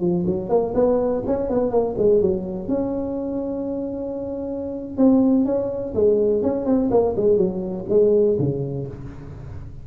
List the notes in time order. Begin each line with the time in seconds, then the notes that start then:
0.00 F3
0.26 F#3
0.49 A#3
0.74 B3
1.26 C#4
1.49 B3
1.70 A#3
1.97 G#3
2.21 F#3
2.68 C#4
4.97 C4
5.45 C#4
5.94 G#3
6.42 C#4
6.65 C4
6.90 A#3
7.16 G#3
7.37 F#3
7.89 G#3
8.38 C#3